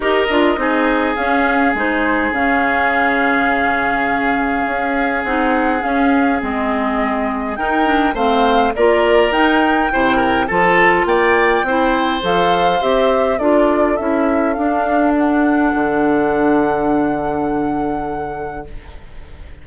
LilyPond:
<<
  \new Staff \with { instrumentName = "flute" } { \time 4/4 \tempo 4 = 103 dis''2 f''4 c''4 | f''1~ | f''4 fis''4 f''4 dis''4~ | dis''4 g''4 f''4 d''4 |
g''2 a''4 g''4~ | g''4 f''4 e''4 d''4 | e''4 f''4 fis''2~ | fis''1 | }
  \new Staff \with { instrumentName = "oboe" } { \time 4/4 ais'4 gis'2.~ | gis'1~ | gis'1~ | gis'4 ais'4 c''4 ais'4~ |
ais'4 c''8 ais'8 a'4 d''4 | c''2. a'4~ | a'1~ | a'1 | }
  \new Staff \with { instrumentName = "clarinet" } { \time 4/4 g'8 f'8 dis'4 cis'4 dis'4 | cis'1~ | cis'4 dis'4 cis'4 c'4~ | c'4 dis'8 d'8 c'4 f'4 |
dis'4 e'4 f'2 | e'4 a'4 g'4 f'4 | e'4 d'2.~ | d'1 | }
  \new Staff \with { instrumentName = "bassoon" } { \time 4/4 dis'8 d'8 c'4 cis'4 gis4 | cis1 | cis'4 c'4 cis'4 gis4~ | gis4 dis'4 a4 ais4 |
dis'4 c4 f4 ais4 | c'4 f4 c'4 d'4 | cis'4 d'2 d4~ | d1 | }
>>